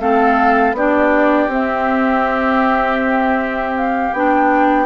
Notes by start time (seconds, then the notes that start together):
0.00 A3 C4 A4 F5
0.73 B3 D4 G4 D5
1.48 C4 E5
3.77 F5
4.13 B3 D4 G5